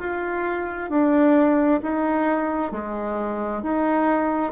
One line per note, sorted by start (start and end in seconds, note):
0.00 0.90 F4
0.90 1.81 D4
1.83 2.72 D#4
2.72 3.63 G#3
3.63 4.52 D#4